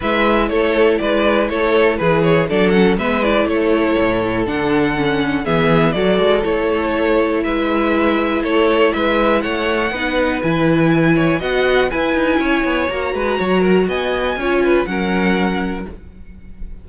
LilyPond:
<<
  \new Staff \with { instrumentName = "violin" } { \time 4/4 \tempo 4 = 121 e''4 cis''4 d''4 cis''4 | b'8 cis''8 d''8 fis''8 e''8 d''8 cis''4~ | cis''4 fis''2 e''4 | d''4 cis''2 e''4~ |
e''4 cis''4 e''4 fis''4~ | fis''4 gis''2 fis''4 | gis''2 ais''2 | gis''2 fis''2 | }
  \new Staff \with { instrumentName = "violin" } { \time 4/4 b'4 a'4 b'4 a'4 | gis'4 a'4 b'4 a'4~ | a'2. gis'4 | a'2. b'4~ |
b'4 a'4 b'4 cis''4 | b'2~ b'8 cis''8 dis''4 | b'4 cis''4. b'8 cis''8 ais'8 | dis''4 cis''8 b'8 ais'2 | }
  \new Staff \with { instrumentName = "viola" } { \time 4/4 e'1~ | e'4 d'8 cis'8 b8 e'4.~ | e'4 d'4 cis'4 b4 | fis'4 e'2.~ |
e'1 | dis'4 e'2 fis'4 | e'2 fis'2~ | fis'4 f'4 cis'2 | }
  \new Staff \with { instrumentName = "cello" } { \time 4/4 gis4 a4 gis4 a4 | e4 fis4 gis4 a4 | a,4 d2 e4 | fis8 gis8 a2 gis4~ |
gis4 a4 gis4 a4 | b4 e2 b4 | e'8 dis'8 cis'8 b8 ais8 gis8 fis4 | b4 cis'4 fis2 | }
>>